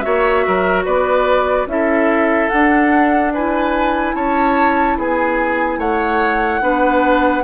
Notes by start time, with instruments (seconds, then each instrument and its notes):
0.00 bassoon A#3, clarinet F#4, oboe C#5, flute E5
0.46 bassoon F#3, oboe A#4
0.85 bassoon B3, oboe B4, flute D5
1.66 bassoon C#4, clarinet E4, oboe A4, flute E5
2.48 bassoon D4, clarinet D4, flute F#5
3.33 clarinet E4, oboe B4, flute G#5
4.14 bassoon C#4, oboe C#5, flute A5
4.97 bassoon B3, oboe G#4, flute G#5
5.78 bassoon A3, oboe C#5, flute F#5
6.61 bassoon B3, clarinet D4, oboe B4